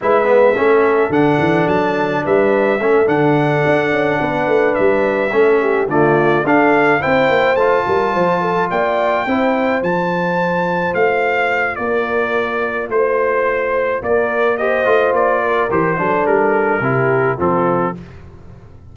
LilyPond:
<<
  \new Staff \with { instrumentName = "trumpet" } { \time 4/4 \tempo 4 = 107 e''2 fis''4 a''4 | e''4. fis''2~ fis''8~ | fis''8 e''2 d''4 f''8~ | f''8 g''4 a''2 g''8~ |
g''4. a''2 f''8~ | f''4 d''2 c''4~ | c''4 d''4 dis''4 d''4 | c''4 ais'2 a'4 | }
  \new Staff \with { instrumentName = "horn" } { \time 4/4 b'4 a'2. | b'4 a'2~ a'8 b'8~ | b'4. a'8 g'8 f'4 a'8~ | a'8 c''4. ais'8 c''8 a'8 d''8~ |
d''8 c''2.~ c''8~ | c''4 ais'2 c''4~ | c''4 ais'4 c''4. ais'8~ | ais'8 a'4. g'4 f'4 | }
  \new Staff \with { instrumentName = "trombone" } { \time 4/4 e'8 b8 cis'4 d'2~ | d'4 cis'8 d'2~ d'8~ | d'4. cis'4 a4 d'8~ | d'8 e'4 f'2~ f'8~ |
f'8 e'4 f'2~ f'8~ | f'1~ | f'2 g'8 f'4. | g'8 d'4. e'4 c'4 | }
  \new Staff \with { instrumentName = "tuba" } { \time 4/4 gis4 a4 d8 e8 fis4 | g4 a8 d4 d'8 cis'8 b8 | a8 g4 a4 d4 d'8~ | d'8 c'8 ais8 a8 g8 f4 ais8~ |
ais8 c'4 f2 a8~ | a4 ais2 a4~ | a4 ais4. a8 ais4 | e8 fis8 g4 c4 f4 | }
>>